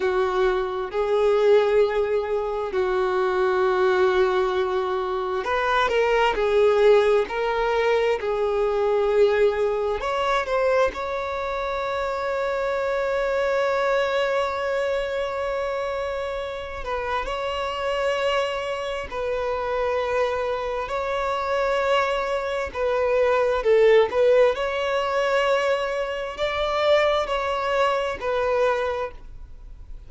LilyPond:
\new Staff \with { instrumentName = "violin" } { \time 4/4 \tempo 4 = 66 fis'4 gis'2 fis'4~ | fis'2 b'8 ais'8 gis'4 | ais'4 gis'2 cis''8 c''8 | cis''1~ |
cis''2~ cis''8 b'8 cis''4~ | cis''4 b'2 cis''4~ | cis''4 b'4 a'8 b'8 cis''4~ | cis''4 d''4 cis''4 b'4 | }